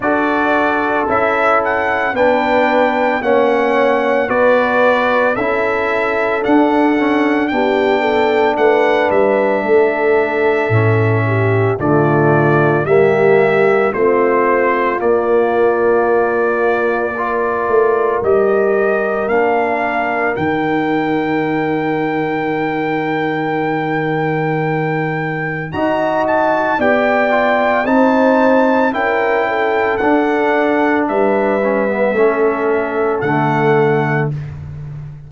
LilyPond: <<
  \new Staff \with { instrumentName = "trumpet" } { \time 4/4 \tempo 4 = 56 d''4 e''8 fis''8 g''4 fis''4 | d''4 e''4 fis''4 g''4 | fis''8 e''2~ e''8 d''4 | e''4 c''4 d''2~ |
d''4 dis''4 f''4 g''4~ | g''1 | ais''8 a''8 g''4 a''4 g''4 | fis''4 e''2 fis''4 | }
  \new Staff \with { instrumentName = "horn" } { \time 4/4 a'2 b'4 cis''4 | b'4 a'2 g'8 a'8 | b'4 a'4. g'8 f'4 | g'4 f'2. |
ais'1~ | ais'1 | dis''4 d''4 c''4 ais'8 a'8~ | a'4 b'4 a'2 | }
  \new Staff \with { instrumentName = "trombone" } { \time 4/4 fis'4 e'4 d'4 cis'4 | fis'4 e'4 d'8 cis'8 d'4~ | d'2 cis'4 a4 | ais4 c'4 ais2 |
f'4 g'4 d'4 dis'4~ | dis'1 | fis'4 g'8 f'8 dis'4 e'4 | d'4. cis'16 b16 cis'4 a4 | }
  \new Staff \with { instrumentName = "tuba" } { \time 4/4 d'4 cis'4 b4 ais4 | b4 cis'4 d'4 b4 | a8 g8 a4 a,4 d4 | g4 a4 ais2~ |
ais8 a8 g4 ais4 dis4~ | dis1 | dis'4 b4 c'4 cis'4 | d'4 g4 a4 d4 | }
>>